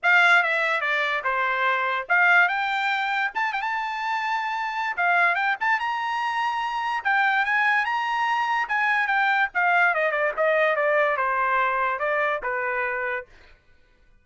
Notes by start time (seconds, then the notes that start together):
0.02 F5
0.43 E5
0.81 D5
1.24 C5
2.08 F5
2.48 G5
3.34 A5
3.53 G5
3.61 A5
4.96 F5
5.35 G5
5.60 A5
5.79 A#5
7.04 G5
7.45 G#5
7.85 A#5
8.68 G#5
9.07 G5
9.54 F5
9.94 D#5
10.11 D5
10.36 D#5
10.76 D5
11.16 C5
11.99 D5
12.42 B4